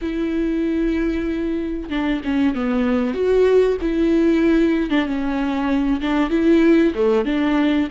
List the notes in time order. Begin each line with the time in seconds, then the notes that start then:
0.01 E4
1.89 D4
2.24 C#4
2.54 B3
3.14 F#4
3.81 E4
4.89 D4
5.05 C#4
6.01 D4
6.30 E4
6.94 A3
7.25 D4